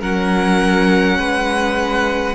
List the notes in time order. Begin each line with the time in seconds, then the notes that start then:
0.00 F#3 C#4 A#4 F#5
1.17 G#3 B4